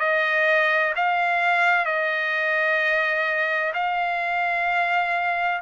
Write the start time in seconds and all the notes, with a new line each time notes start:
0.00 D#5
0.96 F5
1.86 D#5
3.74 F5